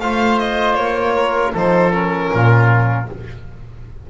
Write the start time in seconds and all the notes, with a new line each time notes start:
0.00 A3 F4 C5 F5
0.39 D#5
0.74 A#3 C#5
1.15 A#4
1.53 F3 D#4 A4 C5
1.91 C#4 A#4
2.33 A#2 F4